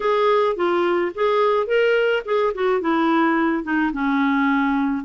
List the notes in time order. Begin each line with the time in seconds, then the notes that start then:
0.00 G#4
0.56 F4
1.14 G#4
1.66 A#4
2.25 G#4
2.54 F#4
2.80 E4
3.63 D#4
3.93 C#4